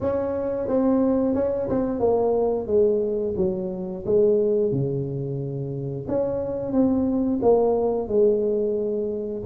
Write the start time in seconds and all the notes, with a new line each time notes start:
0.00 C#4
0.67 C4
1.35 C#4
1.69 C4
1.99 A#3
2.67 G#3
3.36 F#3
4.05 G#3
4.71 C#3
6.08 C#4
6.72 C4
7.42 A#3
8.08 G#3